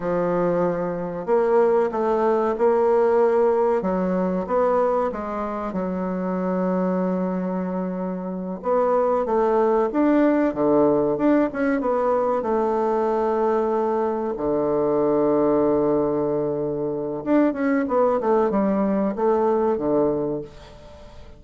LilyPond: \new Staff \with { instrumentName = "bassoon" } { \time 4/4 \tempo 4 = 94 f2 ais4 a4 | ais2 fis4 b4 | gis4 fis2.~ | fis4. b4 a4 d'8~ |
d'8 d4 d'8 cis'8 b4 a8~ | a2~ a8 d4.~ | d2. d'8 cis'8 | b8 a8 g4 a4 d4 | }